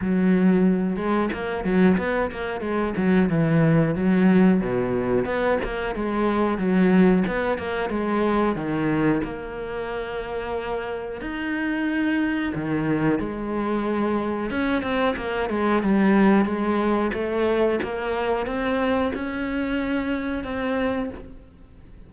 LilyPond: \new Staff \with { instrumentName = "cello" } { \time 4/4 \tempo 4 = 91 fis4. gis8 ais8 fis8 b8 ais8 | gis8 fis8 e4 fis4 b,4 | b8 ais8 gis4 fis4 b8 ais8 | gis4 dis4 ais2~ |
ais4 dis'2 dis4 | gis2 cis'8 c'8 ais8 gis8 | g4 gis4 a4 ais4 | c'4 cis'2 c'4 | }